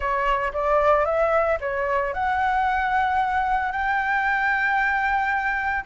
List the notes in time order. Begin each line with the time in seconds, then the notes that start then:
0.00 C#5
0.53 D5
1.05 E5
1.60 C#5
2.13 F#5
3.72 G5